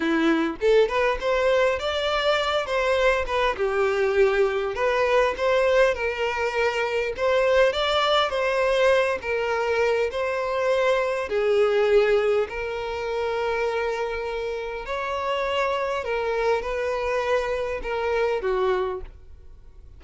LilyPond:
\new Staff \with { instrumentName = "violin" } { \time 4/4 \tempo 4 = 101 e'4 a'8 b'8 c''4 d''4~ | d''8 c''4 b'8 g'2 | b'4 c''4 ais'2 | c''4 d''4 c''4. ais'8~ |
ais'4 c''2 gis'4~ | gis'4 ais'2.~ | ais'4 cis''2 ais'4 | b'2 ais'4 fis'4 | }